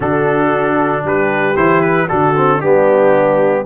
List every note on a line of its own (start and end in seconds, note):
0.00 1.03 D3
0.00 1.55 D4
0.00 1.03 F#4
0.00 1.05 A4
1.03 1.55 G3
1.03 2.07 G4
1.03 1.56 B4
1.55 2.09 E3
1.55 2.08 E4
1.55 1.81 C5
1.81 2.07 B4
2.07 2.63 D3
2.07 2.34 D4
2.07 2.57 F#4
2.07 2.60 A4
2.36 2.62 C4
2.57 3.65 G3
2.57 3.65 B3
2.57 3.61 D4
2.57 3.65 G4